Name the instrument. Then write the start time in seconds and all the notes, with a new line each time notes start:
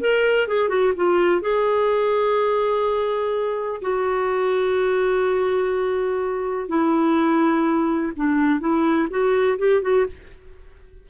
clarinet
0.00 A#4
0.48 G#4
0.69 F#4
0.96 F4
1.41 G#4
3.82 F#4
6.68 E4
8.16 D4
8.60 E4
9.10 F#4
9.58 G4
9.82 F#4